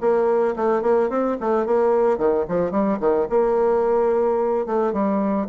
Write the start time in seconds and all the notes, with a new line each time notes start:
0.00 A#3
0.56 A3
0.82 A#3
1.10 C4
1.40 A3
1.66 A#3
2.18 D#3
2.48 F3
2.71 G3
3.00 D#3
3.30 A#3
4.66 A3
4.93 G3